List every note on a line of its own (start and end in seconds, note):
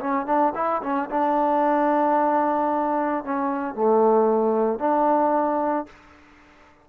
0.00 0.27 C#4
0.27 0.53 D4
0.56 0.82 E4
0.83 1.10 C#4
1.11 3.24 D4
3.24 3.75 C#4
3.75 4.79 A3
4.79 5.87 D4